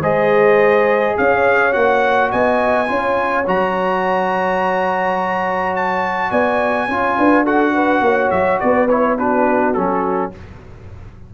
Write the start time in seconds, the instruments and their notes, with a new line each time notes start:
0.00 tuba G#3, trombone G#4, horn C5, trumpet D#5
1.17 tuba C#4, horn C#5, trumpet F5
1.72 tuba A#3, trombone F#4, trumpet F#5
2.31 tuba B3, horn D#5, trumpet G#5
2.87 tuba C#4, trombone F4, horn C#5
3.47 tuba F#3, trombone F#4, trumpet A#5
5.76 trumpet A5
6.30 tuba B3, horn D5, trumpet G#5
6.87 tuba C#4, trombone F4, horn C#5
7.17 tuba D4, horn B4
7.44 trombone F#4, horn A4, trumpet F#5
7.74 horn B4
8.01 tuba A#3, horn C#5
8.30 tuba F#3, trumpet E5
8.60 tuba B3, horn B4, trumpet D5
8.89 trombone E4, trumpet C#5
9.18 trombone D4, horn F#4, trumpet B4
9.74 tuba F#3, trombone C#4, trumpet A4